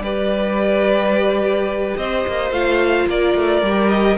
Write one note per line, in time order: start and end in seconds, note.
0.00 1.94 G3
0.00 2.52 G4
0.00 1.98 B4
0.00 1.97 D5
1.97 2.25 C4
1.97 3.09 C5
1.97 2.52 D#5
2.27 2.51 A#3
2.51 3.06 A3
2.51 3.63 F4
2.51 3.08 F5
3.07 3.35 A#3
3.07 4.18 A#4
3.07 3.89 D5
3.35 3.62 A3
3.62 4.18 G3
3.62 4.18 G4
3.89 4.17 D#5